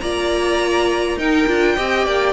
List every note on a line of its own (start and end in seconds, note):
0.00 1.17 A#3
0.00 1.19 F4
0.00 1.18 D5
0.00 1.18 A#5
1.17 1.46 D#4
1.17 1.47 D#4
1.17 1.76 A#4
1.17 2.33 G5
1.47 1.77 D4
1.47 1.77 F4
1.76 2.06 C4
1.76 2.33 G4
1.76 2.06 D#5
2.06 2.33 A#3
2.06 2.33 D5